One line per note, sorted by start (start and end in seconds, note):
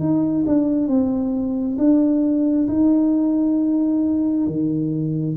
0.00 0.45 D#4
0.47 0.88 D4
0.88 1.77 C4
1.78 2.68 D4
2.68 4.47 D#4
4.47 5.37 D#3